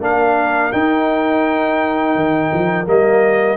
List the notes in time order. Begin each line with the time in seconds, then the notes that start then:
0.00 A#3 D4 A#4 F5
0.72 D#4 G5
2.15 D#3
2.53 F3
2.86 G3 A#3 D#5